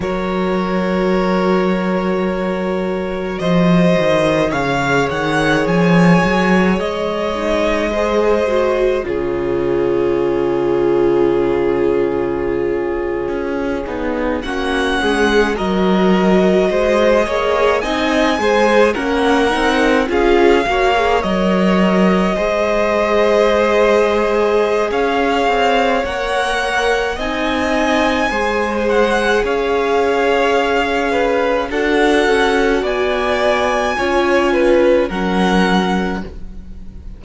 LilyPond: <<
  \new Staff \with { instrumentName = "violin" } { \time 4/4 \tempo 4 = 53 cis''2. dis''4 | f''8 fis''8 gis''4 dis''2 | cis''1~ | cis''8. fis''4 dis''2 gis''16~ |
gis''8. fis''4 f''4 dis''4~ dis''16~ | dis''2 f''4 fis''4 | gis''4. fis''8 f''2 | fis''4 gis''2 fis''4 | }
  \new Staff \with { instrumentName = "violin" } { \time 4/4 ais'2. c''4 | cis''2. c''4 | gis'1~ | gis'8. fis'8 gis'8 ais'4 c''8 cis''8 dis''16~ |
dis''16 c''8 ais'4 gis'8 cis''4. c''16~ | c''2 cis''2 | dis''4 c''4 cis''4. b'8 | a'4 d''4 cis''8 b'8 ais'4 | }
  \new Staff \with { instrumentName = "viola" } { \time 4/4 fis'1 | gis'2~ gis'8 dis'8 gis'8 fis'8 | f'1~ | f'16 dis'8 cis'4 fis'4. gis'8 dis'16~ |
dis'16 gis'8 cis'8 dis'8 f'8 fis'16 gis'16 ais'4 gis'16~ | gis'2. ais'4 | dis'4 gis'2. | fis'2 f'4 cis'4 | }
  \new Staff \with { instrumentName = "cello" } { \time 4/4 fis2. f8 dis8 | cis8 dis8 f8 fis8 gis2 | cis2.~ cis8. cis'16~ | cis'16 b8 ais8 gis8 fis4 gis8 ais8 c'16~ |
c'16 gis8 ais8 c'8 cis'8 ais8 fis4 gis16~ | gis2 cis'8 c'8 ais4 | c'4 gis4 cis'2 | d'8 cis'8 b4 cis'4 fis4 | }
>>